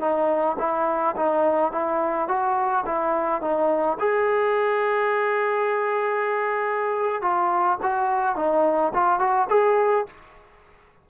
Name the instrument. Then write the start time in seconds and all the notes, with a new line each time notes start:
trombone
0.00 D#4
0.58 E4
1.16 D#4
1.72 E4
2.28 F#4
2.86 E4
3.41 D#4
3.99 G#4
7.21 F4
7.82 F#4
8.36 D#4
8.94 F4
9.19 F#4
9.49 G#4